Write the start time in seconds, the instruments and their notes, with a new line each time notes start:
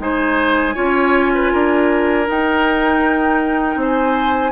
0.00 bassoon G#3, clarinet D#4, oboe C5, flute G#5
0.75 bassoon C#4, clarinet F4, oboe C#5
1.35 oboe B4
1.53 bassoon D4, oboe A#4
2.26 clarinet D#4, bassoon D#4, flute G5
3.77 bassoon C4, oboe C5, flute G#5